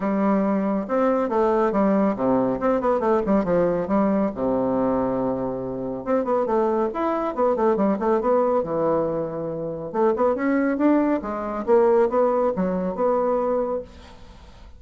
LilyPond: \new Staff \with { instrumentName = "bassoon" } { \time 4/4 \tempo 4 = 139 g2 c'4 a4 | g4 c4 c'8 b8 a8 g8 | f4 g4 c2~ | c2 c'8 b8 a4 |
e'4 b8 a8 g8 a8 b4 | e2. a8 b8 | cis'4 d'4 gis4 ais4 | b4 fis4 b2 | }